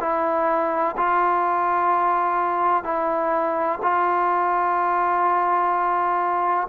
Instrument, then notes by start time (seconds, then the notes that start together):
trombone
0.00 E4
0.97 F4
2.84 E4
3.82 F4